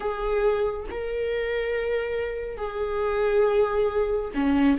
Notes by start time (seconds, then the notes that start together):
0.00 G#4
0.90 A#4
2.57 G#4
4.34 C#4